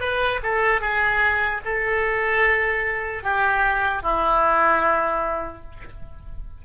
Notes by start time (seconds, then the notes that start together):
0.00 B4
0.43 A4
0.81 G#4
1.65 A4
3.23 G4
4.03 E4